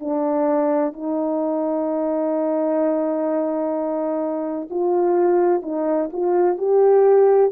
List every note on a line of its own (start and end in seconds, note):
0.00 0.93 D4
0.93 4.68 D#4
4.70 5.62 F4
5.62 6.09 D#4
6.13 6.58 F4
6.58 7.52 G4